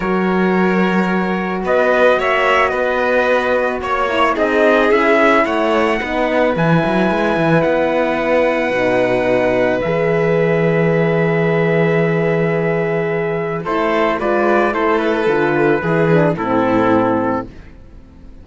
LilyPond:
<<
  \new Staff \with { instrumentName = "trumpet" } { \time 4/4 \tempo 4 = 110 cis''2. dis''4 | e''4 dis''2 cis''4 | dis''4 e''4 fis''2 | gis''2 fis''2~ |
fis''2 e''2~ | e''1~ | e''4 c''4 d''4 c''8 b'8~ | b'2 a'2 | }
  \new Staff \with { instrumentName = "violin" } { \time 4/4 ais'2. b'4 | cis''4 b'2 cis''4 | gis'2 cis''4 b'4~ | b'1~ |
b'1~ | b'1~ | b'4 a'4 b'4 a'4~ | a'4 gis'4 e'2 | }
  \new Staff \with { instrumentName = "horn" } { \time 4/4 fis'1~ | fis'2.~ fis'8 e'8 | dis'4 e'2 dis'4 | e'1 |
dis'2 gis'2~ | gis'1~ | gis'4 e'4 f'4 e'4 | f'4 e'8 d'8 c'2 | }
  \new Staff \with { instrumentName = "cello" } { \time 4/4 fis2. b4 | ais4 b2 ais4 | c'4 cis'4 a4 b4 | e8 fis8 gis8 e8 b2 |
b,2 e2~ | e1~ | e4 a4 gis4 a4 | d4 e4 a,2 | }
>>